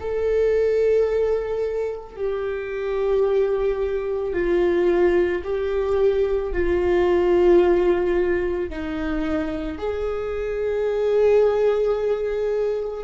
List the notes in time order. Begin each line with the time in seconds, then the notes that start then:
0.00 A4
2.16 G4
4.33 F4
5.43 G4
6.52 F4
8.70 D#4
9.78 G#4